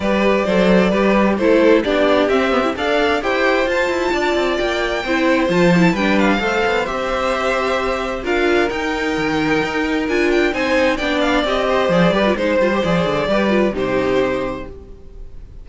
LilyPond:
<<
  \new Staff \with { instrumentName = "violin" } { \time 4/4 \tempo 4 = 131 d''2. c''4 | d''4 e''4 f''4 g''4 | a''2 g''2 | a''4 g''8 f''4. e''4~ |
e''2 f''4 g''4~ | g''2 gis''8 g''8 gis''4 | g''8 f''8 dis''4 d''4 c''4 | d''2 c''2 | }
  \new Staff \with { instrumentName = "violin" } { \time 4/4 b'4 c''4 b'4 a'4 | g'2 d''4 c''4~ | c''4 d''2 c''4~ | c''4 b'4 c''2~ |
c''2 ais'2~ | ais'2. c''4 | d''4. c''4 b'8 c''4~ | c''4 b'4 g'2 | }
  \new Staff \with { instrumentName = "viola" } { \time 4/4 g'4 a'4 g'4 e'4 | d'4 c'8 b16 e'16 a'4 g'4 | f'2. e'4 | f'8 e'8 d'4 a'4 g'4~ |
g'2 f'4 dis'4~ | dis'2 f'4 dis'4 | d'4 g'4 gis'8 g'16 f'16 dis'8 f'16 g'16 | gis'4 g'8 f'8 dis'2 | }
  \new Staff \with { instrumentName = "cello" } { \time 4/4 g4 fis4 g4 a4 | b4 c'4 d'4 e'4 | f'8 e'8 d'8 c'8 ais4 c'4 | f4 g4 a8 b8 c'4~ |
c'2 d'4 dis'4 | dis4 dis'4 d'4 c'4 | b4 c'4 f8 g8 gis8 g8 | f8 d8 g4 c2 | }
>>